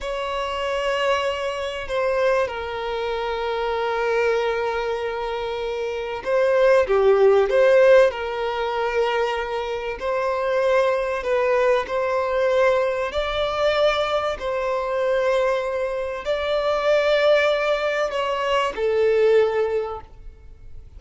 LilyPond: \new Staff \with { instrumentName = "violin" } { \time 4/4 \tempo 4 = 96 cis''2. c''4 | ais'1~ | ais'2 c''4 g'4 | c''4 ais'2. |
c''2 b'4 c''4~ | c''4 d''2 c''4~ | c''2 d''2~ | d''4 cis''4 a'2 | }